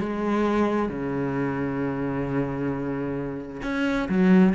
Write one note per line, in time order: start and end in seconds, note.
0.00 0.89 G#3
0.89 3.62 C#3
3.63 4.08 C#4
4.09 4.54 F#3